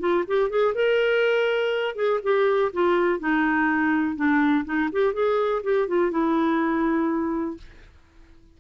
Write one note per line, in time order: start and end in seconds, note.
0.00 0.24 F4
0.28 0.50 G4
0.50 0.75 G#4
0.75 1.96 A#4
1.96 2.20 G#4
2.23 2.72 G4
2.73 3.20 F4
3.20 4.16 D#4
4.16 4.65 D4
4.65 4.90 D#4
4.92 5.14 G4
5.14 5.63 G#4
5.64 5.88 G4
5.88 6.11 F4
6.11 7.57 E4